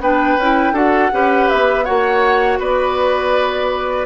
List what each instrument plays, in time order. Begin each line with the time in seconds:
0.00 bassoon B3, clarinet D4, oboe B4, flute G5
0.38 bassoon C#4, clarinet E4
0.73 bassoon D4, clarinet F#4, oboe A4, flute F#5
1.12 bassoon C#4, clarinet G4, oboe B4
1.50 bassoon B3, flute E5
1.85 bassoon A#3, clarinet F#4, oboe C#5, flute F#5
2.60 bassoon B3, oboe B4, flute D5